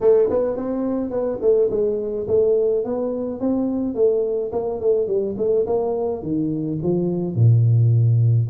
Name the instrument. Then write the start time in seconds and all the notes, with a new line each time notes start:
tuba
0.01 A3
0.30 B3
0.56 C4
1.10 B3
1.41 A3
1.70 G#3
2.27 A3
2.84 B3
3.40 C4
3.95 A3
4.52 A#3
4.80 A3
5.07 G3
5.37 A3
5.66 A#3
6.22 D#3
6.83 F3
7.35 A#2